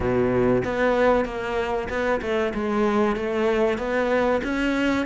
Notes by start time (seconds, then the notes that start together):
0.00 B2
0.64 B3
1.25 A#3
1.89 B3
2.21 A3
2.54 G#3
3.16 A3
3.78 B3
4.43 C#4